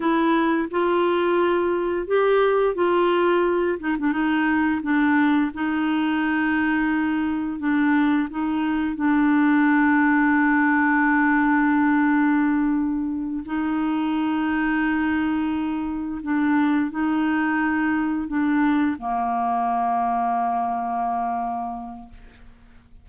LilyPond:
\new Staff \with { instrumentName = "clarinet" } { \time 4/4 \tempo 4 = 87 e'4 f'2 g'4 | f'4. dis'16 d'16 dis'4 d'4 | dis'2. d'4 | dis'4 d'2.~ |
d'2.~ d'8 dis'8~ | dis'2.~ dis'8 d'8~ | d'8 dis'2 d'4 ais8~ | ais1 | }